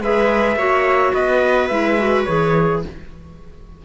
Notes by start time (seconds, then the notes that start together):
0.00 G#3 G#4 B4 E5
0.56 A#3 F#4 C#5
1.13 B3 B4 D#5
1.68 G#3 E4 E5
1.98 F#4
2.25 E3 G#4 C#5